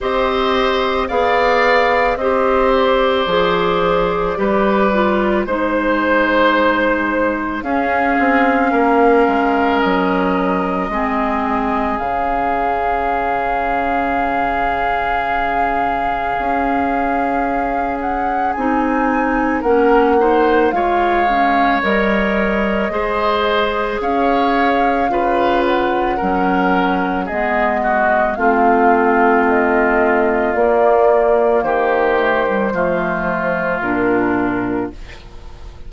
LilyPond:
<<
  \new Staff \with { instrumentName = "flute" } { \time 4/4 \tempo 4 = 55 dis''4 f''4 dis''8 d''4.~ | d''4 c''2 f''4~ | f''4 dis''2 f''4~ | f''1~ |
f''8 fis''8 gis''4 fis''4 f''4 | dis''2 f''4. fis''8~ | fis''4 dis''4 f''4 dis''4 | d''4 c''2 ais'4 | }
  \new Staff \with { instrumentName = "oboe" } { \time 4/4 c''4 d''4 c''2 | b'4 c''2 gis'4 | ais'2 gis'2~ | gis'1~ |
gis'2 ais'8 c''8 cis''4~ | cis''4 c''4 cis''4 b'4 | ais'4 gis'8 fis'8 f'2~ | f'4 g'4 f'2 | }
  \new Staff \with { instrumentName = "clarinet" } { \time 4/4 g'4 gis'4 g'4 gis'4 | g'8 f'8 dis'2 cis'4~ | cis'2 c'4 cis'4~ | cis'1~ |
cis'4 dis'4 cis'8 dis'8 f'8 cis'8 | ais'4 gis'2 f'4 | cis'4 b4 c'2 | ais4. a16 g16 a4 d'4 | }
  \new Staff \with { instrumentName = "bassoon" } { \time 4/4 c'4 b4 c'4 f4 | g4 gis2 cis'8 c'8 | ais8 gis8 fis4 gis4 cis4~ | cis2. cis'4~ |
cis'4 c'4 ais4 gis4 | g4 gis4 cis'4 cis4 | fis4 gis4 a2 | ais4 dis4 f4 ais,4 | }
>>